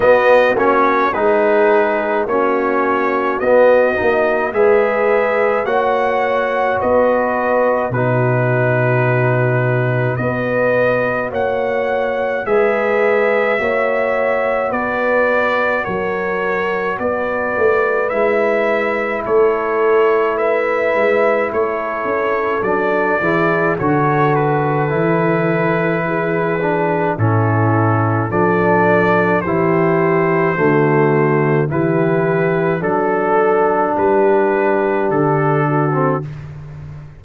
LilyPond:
<<
  \new Staff \with { instrumentName = "trumpet" } { \time 4/4 \tempo 4 = 53 dis''8 cis''8 b'4 cis''4 dis''4 | e''4 fis''4 dis''4 b'4~ | b'4 dis''4 fis''4 e''4~ | e''4 d''4 cis''4 d''4 |
e''4 cis''4 e''4 cis''4 | d''4 cis''8 b'2~ b'8 | a'4 d''4 c''2 | b'4 a'4 b'4 a'4 | }
  \new Staff \with { instrumentName = "horn" } { \time 4/4 fis'4 gis'4 fis'2 | b'4 cis''4 b'4 fis'4~ | fis'4 b'4 cis''4 b'4 | cis''4 b'4 ais'4 b'4~ |
b'4 a'4 b'4 a'4~ | a'8 gis'8 a'2 gis'4 | e'4 a'4 g'4 fis'4 | g'4 a'4 g'4. fis'8 | }
  \new Staff \with { instrumentName = "trombone" } { \time 4/4 b8 cis'8 dis'4 cis'4 b8 dis'8 | gis'4 fis'2 dis'4~ | dis'4 fis'2 gis'4 | fis'1 |
e'1 | d'8 e'8 fis'4 e'4. d'8 | cis'4 d'4 e'4 a4 | e'4 d'2~ d'8. c'16 | }
  \new Staff \with { instrumentName = "tuba" } { \time 4/4 b8 ais8 gis4 ais4 b8 ais8 | gis4 ais4 b4 b,4~ | b,4 b4 ais4 gis4 | ais4 b4 fis4 b8 a8 |
gis4 a4. gis8 a8 cis'8 | fis8 e8 d4 e2 | a,4 f4 e4 d4 | e4 fis4 g4 d4 | }
>>